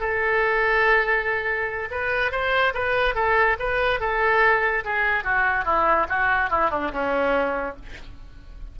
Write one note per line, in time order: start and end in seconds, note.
0.00 1.89 A4
1.91 2.32 B4
2.32 2.73 C5
2.74 3.15 B4
3.15 3.57 A4
3.59 4.00 B4
4.00 4.84 A4
4.84 5.24 G#4
5.24 5.65 F#4
5.65 6.07 E4
6.09 6.50 F#4
6.50 6.71 E4
6.71 6.92 D4
6.92 7.76 C#4